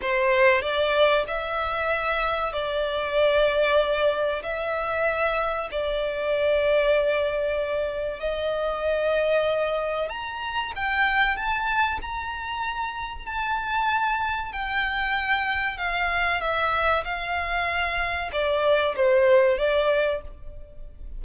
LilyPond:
\new Staff \with { instrumentName = "violin" } { \time 4/4 \tempo 4 = 95 c''4 d''4 e''2 | d''2. e''4~ | e''4 d''2.~ | d''4 dis''2. |
ais''4 g''4 a''4 ais''4~ | ais''4 a''2 g''4~ | g''4 f''4 e''4 f''4~ | f''4 d''4 c''4 d''4 | }